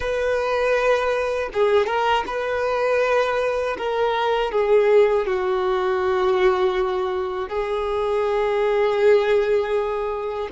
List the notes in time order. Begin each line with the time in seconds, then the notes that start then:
0.00 B4
1.53 G#4
1.86 A#4
2.26 B4
3.77 A#4
4.51 G#4
5.26 F#4
7.49 G#4